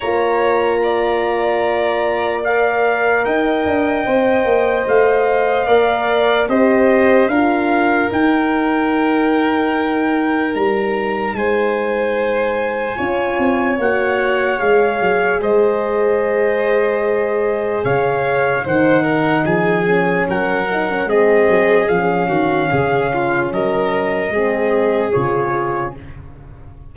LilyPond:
<<
  \new Staff \with { instrumentName = "trumpet" } { \time 4/4 \tempo 4 = 74 ais''2. f''4 | g''2 f''2 | dis''4 f''4 g''2~ | g''4 ais''4 gis''2~ |
gis''4 fis''4 f''4 dis''4~ | dis''2 f''4 fis''4 | gis''4 fis''4 dis''4 f''4~ | f''4 dis''2 cis''4 | }
  \new Staff \with { instrumentName = "violin" } { \time 4/4 cis''4 d''2. | dis''2. d''4 | c''4 ais'2.~ | ais'2 c''2 |
cis''2. c''4~ | c''2 cis''4 c''8 ais'8 | gis'4 ais'4 gis'4. fis'8 | gis'8 f'8 ais'4 gis'2 | }
  \new Staff \with { instrumentName = "horn" } { \time 4/4 f'2. ais'4~ | ais'4 c''2 ais'4 | g'4 f'4 dis'2~ | dis'1 |
f'4 fis'4 gis'2~ | gis'2. dis'4~ | dis'8 cis'4 dis'16 cis'16 c'4 cis'4~ | cis'2 c'4 f'4 | }
  \new Staff \with { instrumentName = "tuba" } { \time 4/4 ais1 | dis'8 d'8 c'8 ais8 a4 ais4 | c'4 d'4 dis'2~ | dis'4 g4 gis2 |
cis'8 c'8 ais4 gis8 fis8 gis4~ | gis2 cis4 dis4 | f4 fis4 gis8 fis8 f8 dis8 | cis4 fis4 gis4 cis4 | }
>>